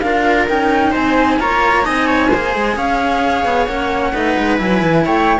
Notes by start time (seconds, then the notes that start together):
0.00 D4 F4 A#4 F5
0.48 C#4 D#4 G5
0.92 C4 C5 G#5
1.40 A#3 F4 C#5 A#5
1.83 C4 D#4 D#5 G#5
2.07 C#5
2.30 A#3 G#4 C5
2.55 G#3
2.76 C#4 C#5 F5
3.45 B3
3.66 A#3 C#4 F#5
4.13 A3 D#4 B4
4.38 G#3
4.58 F#3 E4 G#5
4.83 E3
5.05 A3 C#5 G5